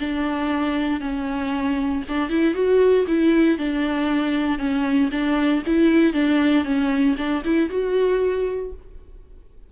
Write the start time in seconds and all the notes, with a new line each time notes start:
0.00 D4
1.01 C#4
2.09 D4
2.30 E4
2.54 F#4
3.08 E4
3.59 D4
4.59 C#4
5.11 D4
5.66 E4
6.14 D4
6.65 C#4
7.17 D4
7.45 E4
7.70 F#4